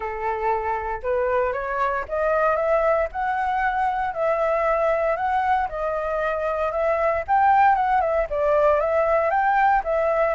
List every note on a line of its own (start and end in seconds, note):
0.00 1.01 A4
1.03 1.53 B4
1.53 2.04 C#5
2.08 2.56 D#5
2.56 3.08 E5
3.12 4.14 F#5
4.14 5.16 E5
5.16 5.68 F#5
5.68 6.72 D#5
6.72 7.23 E5
7.27 7.75 G5
7.75 8.01 F#5
8.01 8.26 E5
8.30 8.79 D5
8.79 9.30 E5
9.30 9.82 G5
9.84 10.34 E5